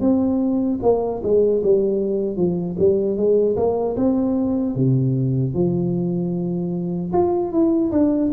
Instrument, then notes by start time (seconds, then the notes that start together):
tuba
0.00 C4
0.82 A#3
1.23 G#3
1.63 G3
2.36 F3
2.78 G3
3.16 G#3
3.56 A#3
3.96 C4
4.75 C3
5.54 F3
7.13 F4
7.51 E4
7.92 D4